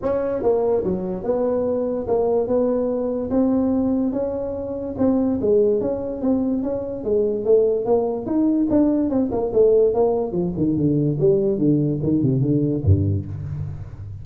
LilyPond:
\new Staff \with { instrumentName = "tuba" } { \time 4/4 \tempo 4 = 145 cis'4 ais4 fis4 b4~ | b4 ais4 b2 | c'2 cis'2 | c'4 gis4 cis'4 c'4 |
cis'4 gis4 a4 ais4 | dis'4 d'4 c'8 ais8 a4 | ais4 f8 dis8 d4 g4 | d4 dis8 c8 d4 g,4 | }